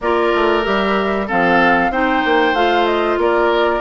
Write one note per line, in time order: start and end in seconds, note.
0.00 0.32 A#3
0.00 0.63 F4
0.00 1.27 A#4
0.00 0.63 D5
0.34 0.66 A3
0.63 1.30 G3
0.63 1.27 G4
0.63 1.27 E5
1.27 1.90 F3
1.27 1.91 C4
1.27 1.91 A4
1.27 1.91 F5
1.90 2.22 C4
1.90 2.55 D#4
1.90 3.19 C5
1.90 2.55 G5
2.24 2.53 A#3
2.53 3.17 A3
2.53 3.81 F4
2.53 2.86 F5
2.86 3.18 D#5
3.17 3.81 A#3
3.17 3.81 A#4
3.17 3.81 D5